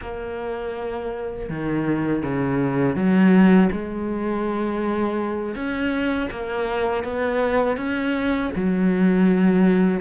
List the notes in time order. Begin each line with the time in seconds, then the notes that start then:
0.01 A#3
1.49 D#3
2.23 C#3
2.95 F#3
3.72 G#3
5.55 C#4
6.30 A#3
7.03 B3
7.76 C#4
8.55 F#3